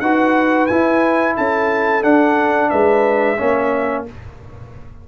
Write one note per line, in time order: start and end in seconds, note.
0.00 0.68 D#4
0.00 0.69 F#4
0.00 1.36 B4
0.00 0.66 F#5
0.66 2.02 E4
0.66 1.37 E4
0.66 1.34 G#5
1.36 2.03 C#4
1.36 2.71 A4
1.36 2.03 A5
2.02 3.37 D4
2.02 2.71 D4
2.02 2.70 F#5
2.70 3.40 G#3
2.70 3.37 B4
2.70 4.04 E5
3.37 4.08 A#3
3.37 4.06 C#4
3.37 4.05 C#5